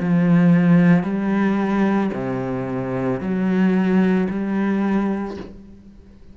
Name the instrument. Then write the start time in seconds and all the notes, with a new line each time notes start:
cello
0.00 F3
1.03 G3
2.13 C3
3.20 F#3
4.30 G3